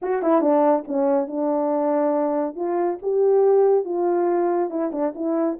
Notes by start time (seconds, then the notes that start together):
0.02 F#4
0.22 E4
0.41 D4
0.87 C#4
1.27 D4
2.55 F4
3.01 G4
3.84 F4
4.69 E4
4.92 D4
5.15 E4